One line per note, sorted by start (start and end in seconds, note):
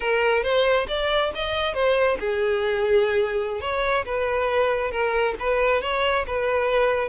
0.00 0.43 A#4
0.43 0.87 C5
0.87 1.31 D5
1.34 1.73 D#5
1.73 2.17 C5
2.19 3.61 G#4
3.61 4.04 C#5
4.05 4.91 B4
4.91 5.35 A#4
5.39 5.81 B4
5.81 6.25 C#5
6.26 7.08 B4